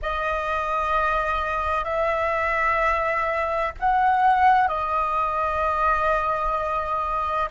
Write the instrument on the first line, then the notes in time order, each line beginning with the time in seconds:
flute
0.02 D#5
1.84 E5
3.79 F#5
4.67 D#5